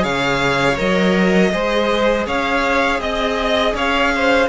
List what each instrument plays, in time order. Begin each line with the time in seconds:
0.00 cello C#3, viola G#4, violin C#5 F5
0.77 cello F#3, viola A#4, violin D#5
1.52 cello G#3, viola G#4, violin C5
2.27 cello C#4, violin C#5 F5
3.00 cello C4, violin D#5
3.75 cello C#4, violin C#5 F5
4.16 violin C5